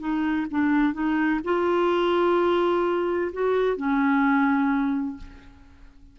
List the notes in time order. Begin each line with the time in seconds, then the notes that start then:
0.00 D#4
0.51 D4
0.94 D#4
1.44 F4
3.33 F#4
3.77 C#4